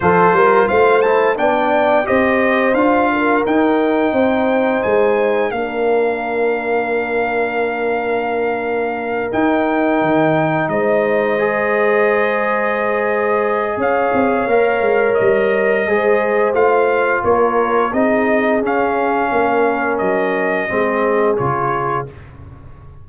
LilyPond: <<
  \new Staff \with { instrumentName = "trumpet" } { \time 4/4 \tempo 4 = 87 c''4 f''8 a''8 g''4 dis''4 | f''4 g''2 gis''4 | f''1~ | f''4. g''2 dis''8~ |
dis''1 | f''2 dis''2 | f''4 cis''4 dis''4 f''4~ | f''4 dis''2 cis''4 | }
  \new Staff \with { instrumentName = "horn" } { \time 4/4 a'8 ais'8 c''4 d''4 c''4~ | c''8 ais'4. c''2 | ais'1~ | ais'2.~ ais'8 c''8~ |
c''1 | cis''2. c''4~ | c''4 ais'4 gis'2 | ais'2 gis'2 | }
  \new Staff \with { instrumentName = "trombone" } { \time 4/4 f'4. e'8 d'4 g'4 | f'4 dis'2. | d'1~ | d'4. dis'2~ dis'8~ |
dis'8 gis'2.~ gis'8~ | gis'4 ais'2 gis'4 | f'2 dis'4 cis'4~ | cis'2 c'4 f'4 | }
  \new Staff \with { instrumentName = "tuba" } { \time 4/4 f8 g8 a4 b4 c'4 | d'4 dis'4 c'4 gis4 | ais1~ | ais4. dis'4 dis4 gis8~ |
gis1 | cis'8 c'8 ais8 gis8 g4 gis4 | a4 ais4 c'4 cis'4 | ais4 fis4 gis4 cis4 | }
>>